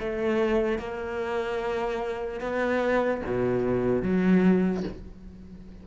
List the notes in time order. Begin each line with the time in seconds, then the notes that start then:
0.00 A3
0.78 A#3
2.40 B3
3.26 B2
4.02 F#3